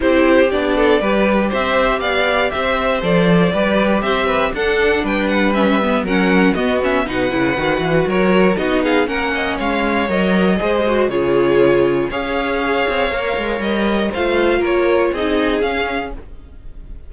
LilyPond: <<
  \new Staff \with { instrumentName = "violin" } { \time 4/4 \tempo 4 = 119 c''4 d''2 e''4 | f''4 e''4 d''2 | e''4 fis''4 g''8 fis''8 e''4 | fis''4 dis''8 e''8 fis''2 |
cis''4 dis''8 f''8 fis''4 f''4 | dis''2 cis''2 | f''2. dis''4 | f''4 cis''4 dis''4 f''4 | }
  \new Staff \with { instrumentName = "violin" } { \time 4/4 g'4. a'8 b'4 c''4 | d''4 c''2 b'4 | c''8 b'8 a'4 b'2 | ais'4 fis'4 b'2 |
ais'4 fis'8 gis'8 ais'8 dis''8 cis''4~ | cis''4 c''4 gis'2 | cis''1 | c''4 ais'4 gis'2 | }
  \new Staff \with { instrumentName = "viola" } { \time 4/4 e'4 d'4 g'2~ | g'2 a'4 g'4~ | g'4 d'2 cis'8 b8 | cis'4 b8 cis'8 dis'8 e'8 fis'4~ |
fis'4 dis'4 cis'2 | ais'4 gis'8 fis'8 f'2 | gis'2 ais'2 | f'2 dis'4 cis'4 | }
  \new Staff \with { instrumentName = "cello" } { \time 4/4 c'4 b4 g4 c'4 | b4 c'4 f4 g4 | c'4 d'4 g2 | fis4 b4 b,8 cis8 dis8 e8 |
fis4 b4 ais4 gis4 | fis4 gis4 cis2 | cis'4. c'8 ais8 gis8 g4 | a4 ais4 c'4 cis'4 | }
>>